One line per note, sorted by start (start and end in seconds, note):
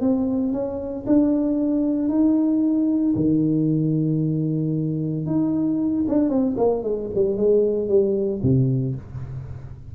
0.00 0.52 C4
0.52 1.05 C#4
1.06 2.09 D4
2.09 3.14 D#4
3.16 5.26 D#3
5.26 6.05 D#4
6.08 6.29 D4
6.29 6.55 C4
6.57 6.83 A#3
6.83 7.09 G#3
7.15 7.37 G3
7.37 7.88 G#3
7.88 8.41 G3
8.42 8.95 C3